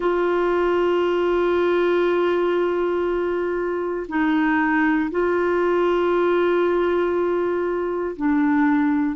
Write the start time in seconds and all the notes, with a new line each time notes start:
0.00 F4
4.08 D#4
5.11 F4
8.16 D4